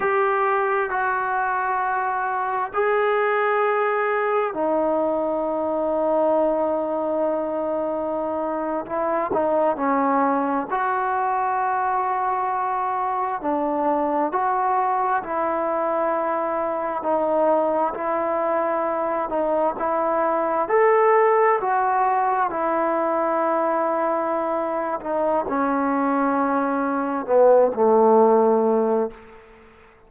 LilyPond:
\new Staff \with { instrumentName = "trombone" } { \time 4/4 \tempo 4 = 66 g'4 fis'2 gis'4~ | gis'4 dis'2.~ | dis'4.~ dis'16 e'8 dis'8 cis'4 fis'16~ | fis'2~ fis'8. d'4 fis'16~ |
fis'8. e'2 dis'4 e'16~ | e'4~ e'16 dis'8 e'4 a'4 fis'16~ | fis'8. e'2~ e'8. dis'8 | cis'2 b8 a4. | }